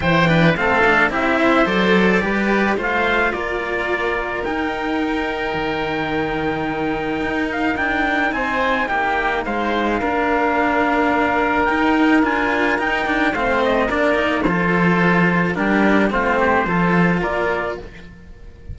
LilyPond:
<<
  \new Staff \with { instrumentName = "trumpet" } { \time 4/4 \tempo 4 = 108 g''4 f''4 e''4 d''4~ | d''4 f''4 d''2 | g''1~ | g''4. f''8 g''4 gis''4 |
g''4 f''2.~ | f''4 g''4 gis''4 g''4 | f''8 dis''8 d''4 c''2 | ais'4 c''2 d''4 | }
  \new Staff \with { instrumentName = "oboe" } { \time 4/4 c''8 b'8 a'4 g'8 c''4. | b'4 c''4 ais'2~ | ais'1~ | ais'2. c''4 |
g'4 c''4 ais'2~ | ais'1 | c''4 ais'4 a'2 | g'4 f'8 g'8 a'4 ais'4 | }
  \new Staff \with { instrumentName = "cello" } { \time 4/4 e'8 d'8 c'8 d'8 e'4 a'4 | g'4 f'2. | dis'1~ | dis'1~ |
dis'2 d'2~ | d'4 dis'4 f'4 dis'8 d'8 | c'4 d'8 dis'8 f'2 | d'4 c'4 f'2 | }
  \new Staff \with { instrumentName = "cello" } { \time 4/4 e4 a4 c'4 fis4 | g4 a4 ais2 | dis'2 dis2~ | dis4 dis'4 d'4 c'4 |
ais4 gis4 ais2~ | ais4 dis'4 d'4 dis'4 | a4 ais4 f2 | g4 a4 f4 ais4 | }
>>